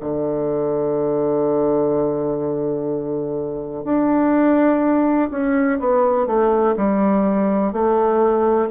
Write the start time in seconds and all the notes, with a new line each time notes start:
0.00 D3
3.84 D4
5.30 C#4
5.79 B3
6.26 A3
6.77 G3
7.72 A3